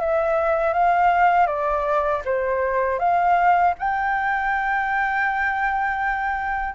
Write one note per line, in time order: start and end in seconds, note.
0.00 0.73 E5
0.73 1.46 F5
1.46 2.21 D5
2.25 2.99 C5
2.99 3.74 F5
3.78 6.74 G5